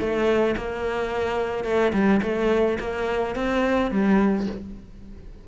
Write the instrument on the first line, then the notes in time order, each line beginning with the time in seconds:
cello
0.00 A3
0.57 A#3
1.65 A3
1.93 G3
2.23 A3
2.80 A#3
3.36 C4
3.91 G3